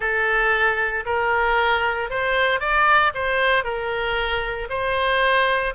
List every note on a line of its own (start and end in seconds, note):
0.00 1.04 A4
1.05 2.10 A#4
2.10 2.60 C5
2.60 3.12 D5
3.14 3.64 C5
3.64 4.68 A#4
4.69 5.74 C5